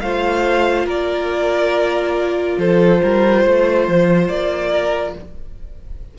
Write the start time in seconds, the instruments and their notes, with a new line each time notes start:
0.00 cello A3, viola F4, violin C5 F5
0.85 cello A#3, violin A#4 D5
2.58 cello F3, violin A4 C5
3.02 cello G3, violin A#4
3.42 cello A3, violin C5
3.88 cello F3
4.28 cello A#3, violin D5
4.71 violin A#4